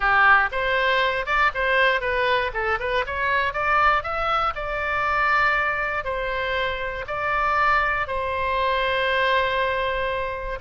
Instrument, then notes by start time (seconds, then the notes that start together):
oboe
0.00 G4
0.51 C5
1.26 D5
1.54 C5
2.01 B4
2.53 A4
2.79 B4
3.06 C#5
3.53 D5
4.03 E5
4.55 D5
6.04 C5
7.07 D5
8.07 C5